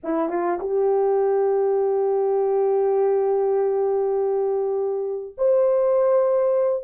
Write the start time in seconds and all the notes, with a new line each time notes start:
0.03 E4
0.29 F4
0.59 G4
5.37 C5